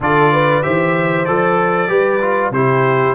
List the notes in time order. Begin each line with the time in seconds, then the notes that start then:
0.00 D3 F4 A4 D5
0.32 B4
0.62 E3 G4 C5 E5
1.25 F3 A4 D5
1.88 G3 G4 B4
2.21 F4
2.50 C3 E4 G4 C5